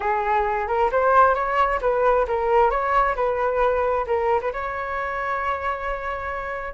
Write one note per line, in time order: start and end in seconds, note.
0.00 0.67 G#4
0.67 0.90 A#4
0.91 1.35 C5
1.35 1.80 C#5
1.81 2.26 B4
2.27 2.70 A#4
2.70 3.15 C#5
3.15 4.05 B4
4.06 4.40 A#4
4.41 4.52 B4
4.52 6.74 C#5